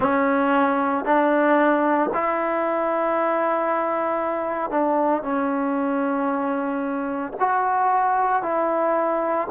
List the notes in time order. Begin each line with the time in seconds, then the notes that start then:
0.00 C#4
1.04 D4
2.13 E4
4.70 D4
5.22 C#4
7.39 F#4
8.42 E4